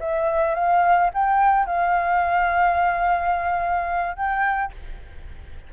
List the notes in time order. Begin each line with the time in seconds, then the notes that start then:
0.00 E5
0.55 F5
1.14 G5
1.66 F5
4.16 G5